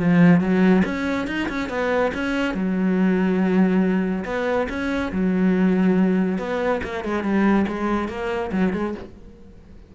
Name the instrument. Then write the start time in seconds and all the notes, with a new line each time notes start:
cello
0.00 F3
0.41 F#3
0.85 C#4
1.28 D#4
1.49 C#4
1.70 B3
2.15 C#4
2.55 F#3
4.26 B3
4.70 C#4
5.12 F#3
6.39 B3
6.84 A#3
7.05 G#3
7.24 G3
7.68 G#3
8.09 A#3
8.52 F#3
8.74 G#3